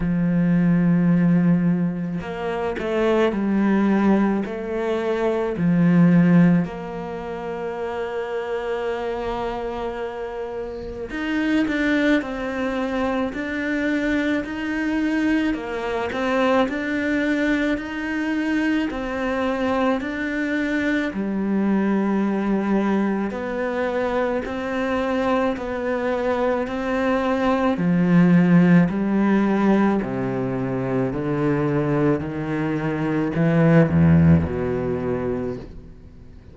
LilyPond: \new Staff \with { instrumentName = "cello" } { \time 4/4 \tempo 4 = 54 f2 ais8 a8 g4 | a4 f4 ais2~ | ais2 dis'8 d'8 c'4 | d'4 dis'4 ais8 c'8 d'4 |
dis'4 c'4 d'4 g4~ | g4 b4 c'4 b4 | c'4 f4 g4 c4 | d4 dis4 e8 e,8 b,4 | }